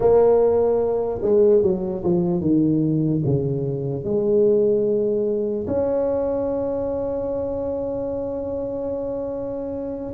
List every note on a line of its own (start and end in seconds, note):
0.00 1.21 A#3
1.22 1.62 G#3
1.62 2.03 F#3
2.03 2.41 F3
2.41 3.22 D#3
3.25 4.04 C#3
4.04 5.66 G#3
5.67 10.13 C#4